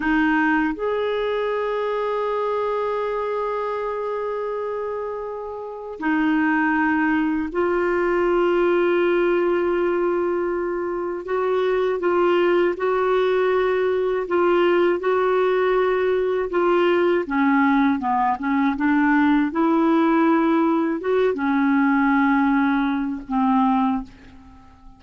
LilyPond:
\new Staff \with { instrumentName = "clarinet" } { \time 4/4 \tempo 4 = 80 dis'4 gis'2.~ | gis'1 | dis'2 f'2~ | f'2. fis'4 |
f'4 fis'2 f'4 | fis'2 f'4 cis'4 | b8 cis'8 d'4 e'2 | fis'8 cis'2~ cis'8 c'4 | }